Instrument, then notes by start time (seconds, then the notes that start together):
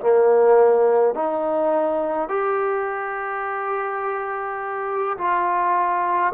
trombone
0.00 A#3
1.14 D#4
2.29 G4
5.18 F4